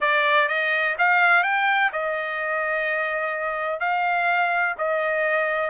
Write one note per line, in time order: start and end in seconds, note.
0.00 0.48 D5
0.48 0.95 D#5
0.98 1.43 F5
1.43 1.90 G5
1.92 3.80 D#5
3.80 4.75 F5
4.78 5.70 D#5